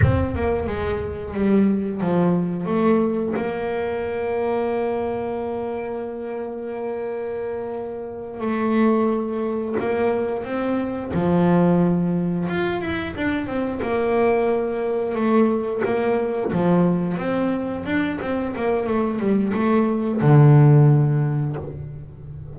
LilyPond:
\new Staff \with { instrumentName = "double bass" } { \time 4/4 \tempo 4 = 89 c'8 ais8 gis4 g4 f4 | a4 ais2.~ | ais1~ | ais8 a2 ais4 c'8~ |
c'8 f2 f'8 e'8 d'8 | c'8 ais2 a4 ais8~ | ais8 f4 c'4 d'8 c'8 ais8 | a8 g8 a4 d2 | }